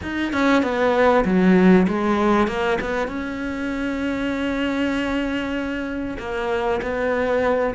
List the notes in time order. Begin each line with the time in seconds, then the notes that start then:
0.02 D#4
0.32 C#4
0.62 B3
1.25 F#3
1.87 G#3
2.47 A#3
2.81 B3
3.07 C#4
6.19 A#3
6.82 B3